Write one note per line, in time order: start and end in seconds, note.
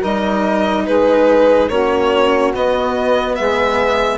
0.00 0.88 G3
0.00 1.69 D#4
0.00 0.83 A#4
0.00 0.86 D#5
0.86 1.70 G#3
0.86 1.69 G#4
0.86 1.69 B4
1.69 2.53 A#3
1.69 2.54 C#4
1.69 3.36 F#4
1.69 2.52 C#5
2.54 4.18 B3
2.54 3.39 B3
2.54 3.35 D#5
3.35 4.18 G#3
3.35 4.18 G#4
3.35 4.18 E5